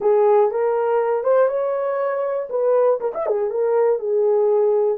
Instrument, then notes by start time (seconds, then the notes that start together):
horn
0.00 G#4
0.50 A#4
1.23 C5
1.48 C#5
2.49 B4
3.00 A#4
3.14 E5
3.26 G#4
3.50 A#4
3.99 G#4